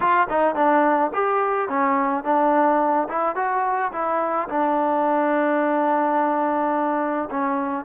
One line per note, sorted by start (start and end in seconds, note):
0.00 0.27 F4
0.29 0.55 D#4
0.55 1.11 D4
1.13 1.68 G4
1.68 2.24 C#4
2.24 3.08 D4
3.08 3.35 E4
3.35 3.91 F#4
3.92 4.48 E4
4.48 7.29 D4
7.30 7.84 C#4